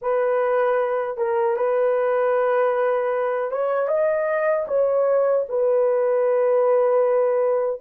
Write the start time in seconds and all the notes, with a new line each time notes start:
0.01 B4
1.17 A#4
1.56 B4
3.51 C#5
3.87 D#5
4.67 C#5
5.49 B4